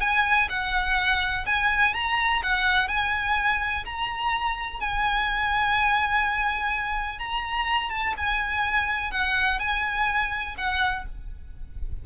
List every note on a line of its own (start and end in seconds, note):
0.00 0.48 G#5
0.49 1.45 F#5
1.45 1.93 G#5
1.94 2.42 A#5
2.42 2.88 F#5
2.88 3.84 G#5
3.85 4.80 A#5
4.80 7.18 G#5
7.18 7.90 A#5
7.90 8.14 A5
8.17 9.11 G#5
9.11 9.59 F#5
9.59 10.55 G#5
10.57 11.05 F#5